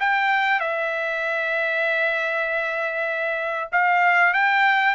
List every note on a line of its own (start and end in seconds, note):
0.00 0.60 G5
0.60 3.70 E5
3.72 4.34 F5
4.34 4.95 G5